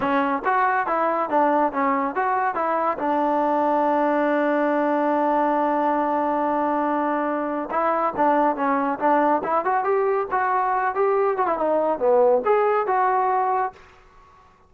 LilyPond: \new Staff \with { instrumentName = "trombone" } { \time 4/4 \tempo 4 = 140 cis'4 fis'4 e'4 d'4 | cis'4 fis'4 e'4 d'4~ | d'1~ | d'1~ |
d'2 e'4 d'4 | cis'4 d'4 e'8 fis'8 g'4 | fis'4. g'4 fis'16 e'16 dis'4 | b4 gis'4 fis'2 | }